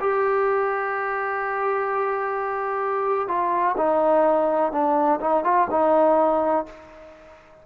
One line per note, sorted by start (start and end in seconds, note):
0.00 3.28 G4
3.28 3.76 F4
3.77 4.72 D#4
4.72 5.20 D4
5.21 5.44 D#4
5.44 5.68 F4
5.71 6.66 D#4